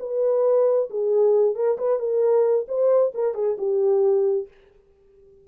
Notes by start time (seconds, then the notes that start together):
0.00 B4
0.90 G#4
1.56 A#4
1.78 B4
1.99 A#4
2.68 C5
3.15 A#4
3.35 G#4
3.58 G4